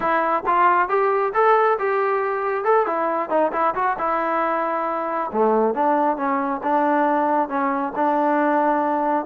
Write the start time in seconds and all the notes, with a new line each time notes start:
0.00 E4
0.46 F4
0.88 G4
1.34 A4
1.78 G4
2.64 A4
2.86 E4
3.29 D#4
3.52 E4
3.74 F#4
3.98 E4
5.32 A3
5.74 D4
6.16 C#4
6.63 D4
7.48 C#4
7.95 D4